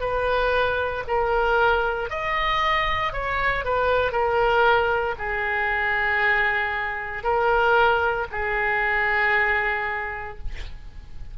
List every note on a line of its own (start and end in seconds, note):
0.00 1.03 B4
1.07 2.09 A#4
2.09 3.12 D#5
3.12 3.64 C#5
3.64 4.11 B4
4.11 5.15 A#4
5.18 7.23 G#4
7.23 8.26 A#4
8.31 10.38 G#4